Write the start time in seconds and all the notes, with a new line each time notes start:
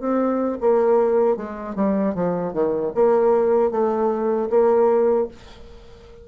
0.00 C4
0.61 A#3
1.37 G#3
1.76 G3
2.15 F3
2.53 D#3
2.95 A#3
3.71 A3
4.50 A#3